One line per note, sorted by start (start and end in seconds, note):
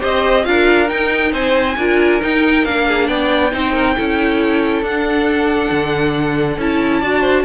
0.00 0.46 C4
0.00 0.44 G4
0.00 0.44 C5
0.00 0.45 D#5
0.44 0.90 D4
0.44 0.88 F4
0.44 1.32 A#4
0.44 0.88 F5
0.88 1.75 D#4
0.88 1.32 D#4
0.88 1.32 G5
1.32 1.76 C4
1.32 1.76 C5
1.32 2.21 G#5
1.77 2.21 D4
1.77 2.21 F4
1.77 2.86 A#4
2.21 2.65 D#4
2.21 2.65 G5
2.65 3.08 A#3
2.65 3.51 D4
2.65 3.07 F5
2.88 3.07 G#4
3.07 3.52 B3
3.07 3.51 D5
3.07 4.83 G5
3.51 3.96 C4
3.51 3.95 D#4
3.51 3.73 C5
3.73 3.95 A#4
3.96 4.82 C#4
3.96 4.84 E4
3.96 7.00 A4
4.82 5.69 D4
4.82 6.59 D4
4.82 6.60 F#5
5.70 6.58 D3
6.58 7.01 C#4
6.58 7.02 E4
6.58 7.45 A5
7.00 7.45 D4
7.00 7.45 F#4
7.00 7.21 D5
7.21 7.43 C5